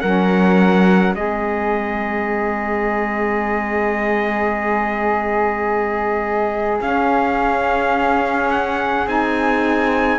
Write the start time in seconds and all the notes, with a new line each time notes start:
0.00 F#3 C#4 A#4 F#5
1.14 G#3 C4 G#4 D#5
6.80 C#4 F5
8.50 F#5
9.06 C4 D#4 G#5